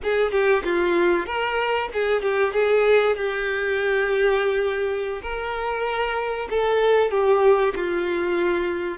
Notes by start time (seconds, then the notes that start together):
0.03 G#4
0.31 G4
0.63 F4
1.25 A#4
1.93 G#4
2.22 G4
2.53 G#4
3.16 G4
5.22 A#4
6.49 A4
7.10 G4
7.75 F4